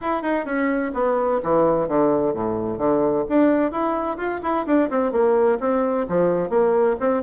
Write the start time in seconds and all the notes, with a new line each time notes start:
0.01 E4
0.22 D#4
0.45 C#4
0.94 B3
1.43 E3
1.88 D3
2.33 A2
2.77 D3
3.28 D4
3.71 E4
4.17 F4
4.42 E4
4.66 D4
4.90 C4
5.11 A#3
5.59 C4
6.08 F3
6.49 A#3
7.00 C4